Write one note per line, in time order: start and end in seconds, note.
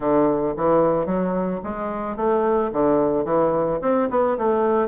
0.00 0.54 D3
0.57 1.06 E3
1.06 1.60 F#3
1.63 2.16 G#3
2.16 2.70 A3
2.72 3.24 D3
3.24 3.79 E3
3.81 4.09 C4
4.09 4.37 B3
4.37 4.88 A3